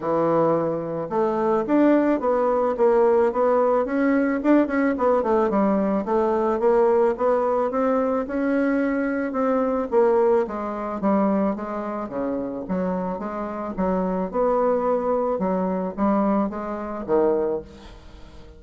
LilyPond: \new Staff \with { instrumentName = "bassoon" } { \time 4/4 \tempo 4 = 109 e2 a4 d'4 | b4 ais4 b4 cis'4 | d'8 cis'8 b8 a8 g4 a4 | ais4 b4 c'4 cis'4~ |
cis'4 c'4 ais4 gis4 | g4 gis4 cis4 fis4 | gis4 fis4 b2 | fis4 g4 gis4 dis4 | }